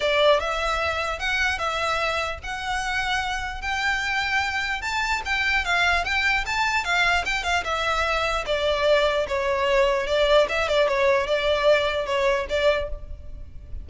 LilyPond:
\new Staff \with { instrumentName = "violin" } { \time 4/4 \tempo 4 = 149 d''4 e''2 fis''4 | e''2 fis''2~ | fis''4 g''2. | a''4 g''4 f''4 g''4 |
a''4 f''4 g''8 f''8 e''4~ | e''4 d''2 cis''4~ | cis''4 d''4 e''8 d''8 cis''4 | d''2 cis''4 d''4 | }